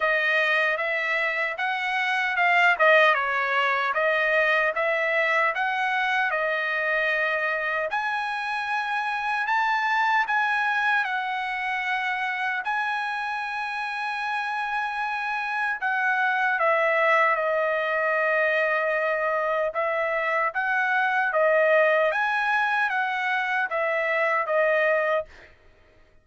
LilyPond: \new Staff \with { instrumentName = "trumpet" } { \time 4/4 \tempo 4 = 76 dis''4 e''4 fis''4 f''8 dis''8 | cis''4 dis''4 e''4 fis''4 | dis''2 gis''2 | a''4 gis''4 fis''2 |
gis''1 | fis''4 e''4 dis''2~ | dis''4 e''4 fis''4 dis''4 | gis''4 fis''4 e''4 dis''4 | }